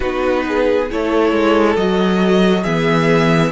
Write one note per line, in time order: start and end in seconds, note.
0.00 0.90 B3
0.00 0.88 D#4
0.00 0.42 F#4
0.00 0.88 B4
0.47 0.91 G#4
0.90 1.32 A3
0.90 1.76 E4
0.90 2.62 A4
0.90 1.76 C#5
1.32 1.76 G#3
1.76 2.64 F#3
1.76 2.65 F#4
1.76 2.63 D#5
2.62 3.52 E3
2.62 3.52 B3
2.62 3.50 G#4
2.62 3.51 E5